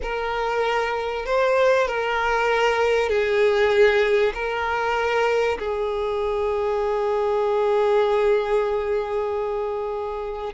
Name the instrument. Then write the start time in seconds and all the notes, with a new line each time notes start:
violin
0.02 A#4
1.25 C5
1.87 A#4
3.09 G#4
4.34 A#4
5.58 G#4